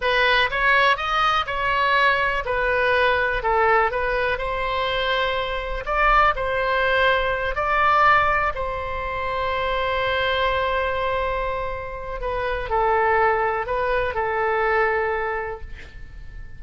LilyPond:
\new Staff \with { instrumentName = "oboe" } { \time 4/4 \tempo 4 = 123 b'4 cis''4 dis''4 cis''4~ | cis''4 b'2 a'4 | b'4 c''2. | d''4 c''2~ c''8 d''8~ |
d''4. c''2~ c''8~ | c''1~ | c''4 b'4 a'2 | b'4 a'2. | }